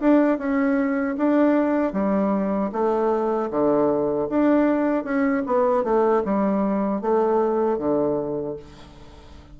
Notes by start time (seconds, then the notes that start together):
0.00 D4
0.38 C#4
1.17 D4
1.93 G3
2.72 A3
3.50 D3
4.29 D4
5.04 C#4
5.46 B3
5.84 A3
6.25 G3
7.01 A3
7.78 D3